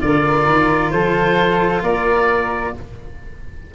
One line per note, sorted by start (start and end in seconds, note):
0.00 0.46 D3
0.00 2.73 F4
0.00 0.93 A#4
0.00 0.91 D5
0.46 0.91 D#3
0.91 1.83 F3
0.91 1.83 A4
0.91 1.82 C5
1.83 2.73 A#3
1.83 2.74 A#4
1.83 2.74 D5